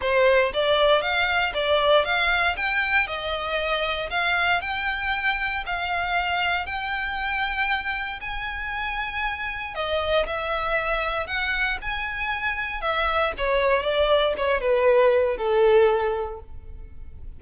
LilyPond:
\new Staff \with { instrumentName = "violin" } { \time 4/4 \tempo 4 = 117 c''4 d''4 f''4 d''4 | f''4 g''4 dis''2 | f''4 g''2 f''4~ | f''4 g''2. |
gis''2. dis''4 | e''2 fis''4 gis''4~ | gis''4 e''4 cis''4 d''4 | cis''8 b'4. a'2 | }